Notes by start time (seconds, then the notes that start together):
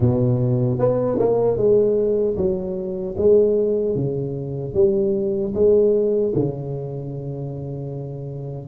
0.00 B2
0.79 B3
1.19 A#3
1.57 G#3
2.36 F#3
3.17 G#3
3.95 C#3
4.74 G3
5.54 G#3
6.35 C#3